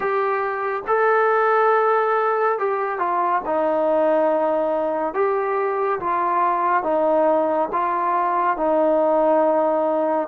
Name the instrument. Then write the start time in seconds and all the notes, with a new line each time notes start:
trombone
0.00 G4
0.87 A4
2.58 G4
2.98 F4
3.45 D#4
5.14 G4
6.00 F4
6.83 D#4
7.72 F4
8.56 D#4